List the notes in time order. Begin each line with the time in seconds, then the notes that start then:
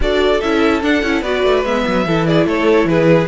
0.00 D4 F#4 A4 D5
0.41 C#4 E4 E5
0.81 D4 F#5
1.02 C#4 E4
1.22 B3 F#4 B4 D5
1.43 A3
1.64 G#3 B3 E5
1.87 F#3
2.06 E3 E4 A4
2.26 G#4 D5
2.46 A3 A4 C#5
2.84 E3 G#4 B4